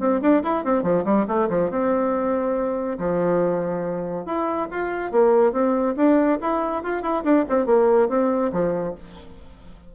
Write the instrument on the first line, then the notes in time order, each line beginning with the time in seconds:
bassoon
0.00 C4
0.22 D4
0.43 E4
0.65 C4
0.83 F3
1.05 G3
1.28 A3
1.50 F3
1.71 C4
2.99 F3
4.26 E4
4.71 F4
5.12 A#3
5.53 C4
5.97 D4
6.41 E4
6.83 F4
7.03 E4
7.24 D4
7.49 C4
7.66 A#3
8.09 C4
8.53 F3